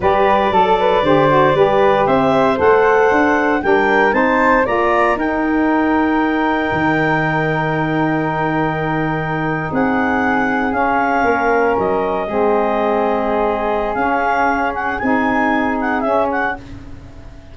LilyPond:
<<
  \new Staff \with { instrumentName = "clarinet" } { \time 4/4 \tempo 4 = 116 d''1 | e''4 fis''2 g''4 | a''4 ais''4 g''2~ | g''1~ |
g''2~ g''8. fis''4~ fis''16~ | fis''8. f''2 dis''4~ dis''16~ | dis''2. f''4~ | f''8 fis''8 gis''4. fis''8 e''8 fis''8 | }
  \new Staff \with { instrumentName = "flute" } { \time 4/4 b'4 a'8 b'8 c''4 b'4 | c''2. ais'4 | c''4 d''4 ais'2~ | ais'1~ |
ais'2~ ais'8. gis'4~ gis'16~ | gis'4.~ gis'16 ais'2 gis'16~ | gis'1~ | gis'1 | }
  \new Staff \with { instrumentName = "saxophone" } { \time 4/4 g'4 a'4 g'8 fis'8 g'4~ | g'4 a'2 d'4 | dis'4 f'4 dis'2~ | dis'1~ |
dis'1~ | dis'8. cis'2. c'16~ | c'2. cis'4~ | cis'4 dis'2 cis'4 | }
  \new Staff \with { instrumentName = "tuba" } { \time 4/4 g4 fis4 d4 g4 | c'4 a4 d'4 g4 | c'4 ais4 dis'2~ | dis'4 dis2.~ |
dis2~ dis8. c'4~ c'16~ | c'8. cis'4 ais4 fis4 gis16~ | gis2. cis'4~ | cis'4 c'2 cis'4 | }
>>